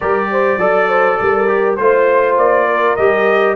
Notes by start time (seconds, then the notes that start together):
0.00 G3 G4 A#4 D5
0.31 C5
0.57 F#3 A4 D5
0.88 C5
1.21 G3 A#4
1.47 G4
1.76 A3 F4 C5
2.37 A#3 D5
2.67 A#4
2.96 G3 G4 D#5